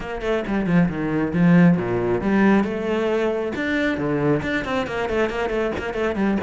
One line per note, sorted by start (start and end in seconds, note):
0.00 0.21 A#3
0.21 0.43 A3
0.47 0.66 G3
0.66 0.88 F3
0.88 1.32 D#3
1.33 1.77 F3
1.77 2.21 A#2
2.21 2.64 G3
2.64 3.52 A3
3.55 3.97 D4
3.97 4.41 D3
4.42 4.64 D4
4.64 4.86 C4
4.86 5.09 A#3
5.09 5.29 A3
5.29 5.49 A#3
5.49 5.71 A3
5.78 5.93 A#3
5.93 6.15 A3
6.15 6.37 G3